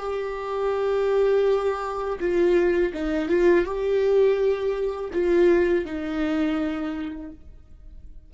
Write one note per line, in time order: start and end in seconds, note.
0.00 2.20 G4
2.20 2.93 F4
2.94 3.29 D#4
3.29 3.65 F4
3.65 5.12 G4
5.13 5.86 F4
5.86 7.32 D#4